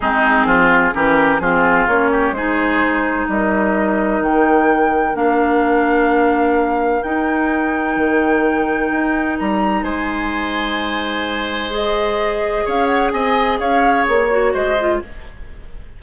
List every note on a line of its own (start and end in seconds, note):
0.00 0.45 G#3
0.00 0.93 C4
0.00 0.47 D#4
0.00 0.94 G#4
0.45 0.92 F3
0.45 0.93 F4
0.93 1.39 E3
0.93 1.40 C#4
0.93 1.41 G4
0.93 1.39 A#4
1.39 1.86 F3
1.39 1.88 C4
1.39 2.11 F4
1.39 1.86 G#4
1.87 2.31 A#3
1.87 2.35 C#4
1.87 2.33 C#5
2.11 2.34 G4
2.31 3.25 G#3
2.31 5.14 D#4
2.31 3.30 G#4
2.31 3.27 C5
3.28 4.21 G3
3.28 9.83 A#4
3.28 4.22 D#5
4.21 5.14 D#3
4.21 5.16 G5
5.14 7.02 A#3
5.14 7.01 D4
5.14 7.02 F5
7.02 7.96 D#4
7.02 11.71 D#4
7.02 9.37 G5
7.96 8.90 D#3
8.91 9.38 D#4
9.38 9.82 G3
9.38 9.83 A#5
9.82 12.64 G#3
9.82 12.64 C5
9.82 11.71 G#5
11.71 14.28 G#4
11.71 12.67 D#5
12.65 13.12 C#4
12.65 13.12 C#5
12.65 12.86 F5
12.86 13.09 F#5
13.12 13.59 C4
13.12 13.59 D#5
13.12 13.58 G#5
13.59 14.06 C#4
13.59 14.53 C#5
13.59 14.06 F5
14.07 14.54 A#3
14.07 14.54 C#5
14.30 14.77 F#4
14.53 15.01 G#3
14.53 15.00 C5
14.53 15.01 D#5
14.79 15.02 F4